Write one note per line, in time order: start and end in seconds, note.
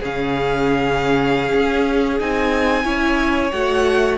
0.00 1.53 C#3
0.00 2.19 C#4
0.00 2.83 G#4
0.00 2.19 F5
1.53 2.20 C#4
2.19 2.84 C4
2.19 2.83 D#4
2.19 3.51 G#5
2.83 3.51 C#4
2.83 3.50 E4
2.83 4.17 C#5
3.51 4.18 A3
3.51 4.18 F#4
3.51 4.18 F#5